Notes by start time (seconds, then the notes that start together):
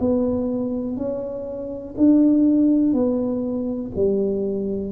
0.00 B3
0.97 C#4
1.97 D4
2.93 B3
3.95 G3